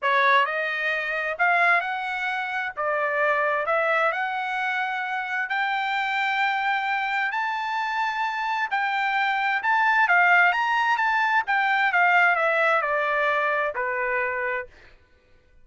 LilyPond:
\new Staff \with { instrumentName = "trumpet" } { \time 4/4 \tempo 4 = 131 cis''4 dis''2 f''4 | fis''2 d''2 | e''4 fis''2. | g''1 |
a''2. g''4~ | g''4 a''4 f''4 ais''4 | a''4 g''4 f''4 e''4 | d''2 b'2 | }